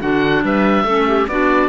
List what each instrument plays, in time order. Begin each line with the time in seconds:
0.00 cello D3, clarinet D4 F#4, oboe F#5
0.43 cello G3, clarinet B4, oboe E5
0.84 cello A3, clarinet C#4 A4
1.07 clarinet G4
1.28 cello B3, clarinet D4 F#4, oboe D5